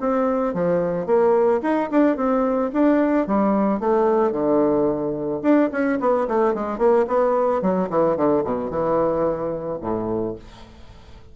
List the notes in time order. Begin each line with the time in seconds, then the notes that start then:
0.00 C4
0.54 F3
1.06 A#3
1.62 D#4
1.91 D4
2.16 C4
2.73 D4
3.27 G3
3.80 A3
4.32 D3
5.42 D4
5.71 C#4
6.00 B3
6.28 A3
6.54 G#3
6.78 A#3
7.07 B3
7.61 F#3
7.90 E3
8.16 D3
8.44 B2
8.70 E3
9.81 A2